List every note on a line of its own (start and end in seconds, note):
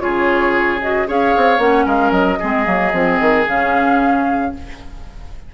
0.00 1.07 C#3
0.00 0.80 F4
0.00 1.08 G#4
0.00 0.80 C#5
0.82 1.07 F#4
0.82 1.09 D#5
1.07 1.35 C#4
1.07 1.59 G#4
1.07 1.86 C#5
1.07 1.61 F5
1.36 1.59 C4
1.59 1.85 A#3
1.59 2.38 C#4
1.59 1.87 F#5
1.86 2.11 G#3
1.86 2.39 A#4
1.86 2.11 F5
2.11 2.38 F#3
2.11 3.44 D#5
2.39 2.67 G#3
2.39 2.65 C4
2.39 4.52 G#4
2.65 2.93 F#3
2.65 2.91 A#3
2.93 3.19 F3
2.93 3.47 C4
3.21 3.47 D#3
3.48 4.54 C#3
3.48 4.54 C#4
3.48 4.54 F5